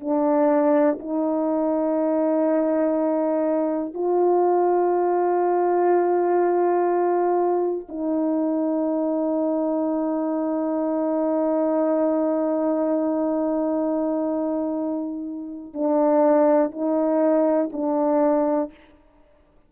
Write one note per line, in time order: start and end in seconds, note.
0.00 0.98 D4
0.99 3.94 D#4
3.94 7.87 F4
7.89 15.73 D#4
15.73 16.71 D4
16.71 17.70 D#4
17.72 18.71 D4